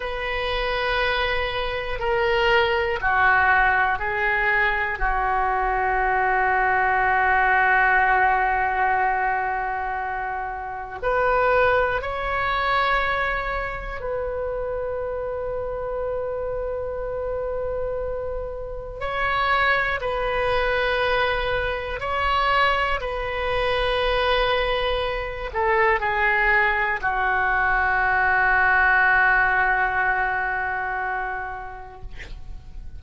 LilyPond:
\new Staff \with { instrumentName = "oboe" } { \time 4/4 \tempo 4 = 60 b'2 ais'4 fis'4 | gis'4 fis'2.~ | fis'2. b'4 | cis''2 b'2~ |
b'2. cis''4 | b'2 cis''4 b'4~ | b'4. a'8 gis'4 fis'4~ | fis'1 | }